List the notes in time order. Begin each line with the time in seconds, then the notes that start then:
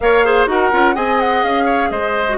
0.00 A#3 A#4 C#5 F5
0.24 G#4 C5
0.46 D#4 F#4 A#4 F#5
0.71 C#4 F4
0.94 C4 G#4 D#5 G#5
1.19 F#5
1.43 C#4 F5
1.64 C#5
1.90 G#3 C5 D#5
2.28 F#4